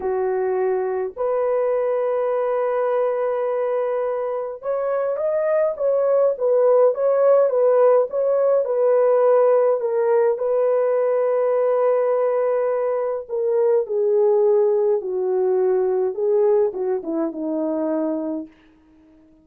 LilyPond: \new Staff \with { instrumentName = "horn" } { \time 4/4 \tempo 4 = 104 fis'2 b'2~ | b'1 | cis''4 dis''4 cis''4 b'4 | cis''4 b'4 cis''4 b'4~ |
b'4 ais'4 b'2~ | b'2. ais'4 | gis'2 fis'2 | gis'4 fis'8 e'8 dis'2 | }